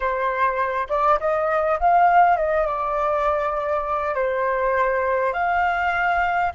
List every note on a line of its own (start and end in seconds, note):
0.00 0.87 C5
0.89 1.19 D5
1.19 1.79 D#5
1.79 2.37 F5
2.37 2.66 D#5
2.67 4.14 D5
4.14 5.33 C5
5.33 6.52 F5